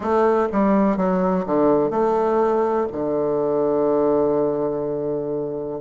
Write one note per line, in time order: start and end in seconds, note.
0.00 0.48 A3
0.51 0.97 G3
0.97 1.45 F#3
1.46 1.90 D3
1.90 2.87 A3
2.92 5.81 D3